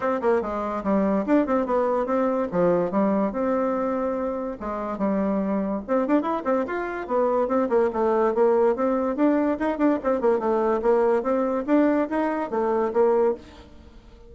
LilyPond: \new Staff \with { instrumentName = "bassoon" } { \time 4/4 \tempo 4 = 144 c'8 ais8 gis4 g4 d'8 c'8 | b4 c'4 f4 g4 | c'2. gis4 | g2 c'8 d'8 e'8 c'8 |
f'4 b4 c'8 ais8 a4 | ais4 c'4 d'4 dis'8 d'8 | c'8 ais8 a4 ais4 c'4 | d'4 dis'4 a4 ais4 | }